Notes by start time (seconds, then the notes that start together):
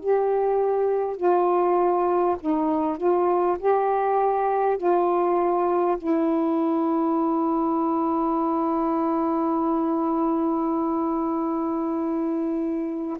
0.00 G4
1.17 F4
2.41 D#4
2.97 F4
3.59 G4
4.77 F4
5.98 E4